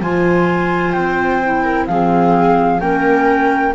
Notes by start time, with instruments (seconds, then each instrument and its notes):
0.00 double bass F3, clarinet F4, viola C5, flute G#5
0.92 double bass C4, flute G5
1.44 clarinet E4
1.64 viola A#4
1.87 double bass F3, clarinet C4, viola G#4, flute F5
2.80 double bass A#3, clarinet C#4, viola A#4, flute G5